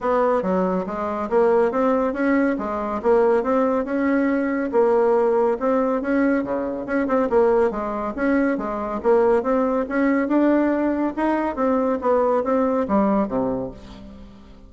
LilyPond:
\new Staff \with { instrumentName = "bassoon" } { \time 4/4 \tempo 4 = 140 b4 fis4 gis4 ais4 | c'4 cis'4 gis4 ais4 | c'4 cis'2 ais4~ | ais4 c'4 cis'4 cis4 |
cis'8 c'8 ais4 gis4 cis'4 | gis4 ais4 c'4 cis'4 | d'2 dis'4 c'4 | b4 c'4 g4 c4 | }